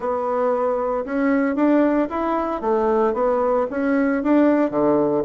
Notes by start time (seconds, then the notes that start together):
0.00 B3
1.05 C#4
1.55 D4
2.09 E4
2.61 A3
3.13 B3
3.70 C#4
4.23 D4
4.70 D3